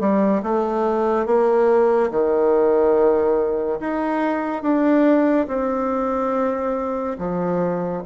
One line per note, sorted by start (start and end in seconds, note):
0.00 0.42 G3
0.43 1.26 A3
1.26 2.10 A#3
2.10 3.80 D#3
3.80 4.62 D#4
4.62 5.47 D4
5.48 7.17 C4
7.18 8.03 F3